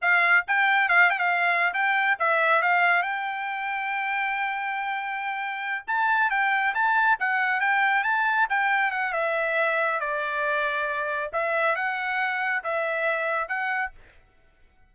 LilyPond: \new Staff \with { instrumentName = "trumpet" } { \time 4/4 \tempo 4 = 138 f''4 g''4 f''8 g''16 f''4~ f''16 | g''4 e''4 f''4 g''4~ | g''1~ | g''4. a''4 g''4 a''8~ |
a''8 fis''4 g''4 a''4 g''8~ | g''8 fis''8 e''2 d''4~ | d''2 e''4 fis''4~ | fis''4 e''2 fis''4 | }